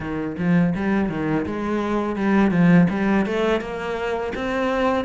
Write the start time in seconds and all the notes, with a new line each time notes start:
0.00 D#3
0.38 F3
0.75 G3
1.09 D#3
1.46 G#3
2.16 G3
2.51 F3
2.89 G3
3.26 A3
3.60 A#3
4.35 C4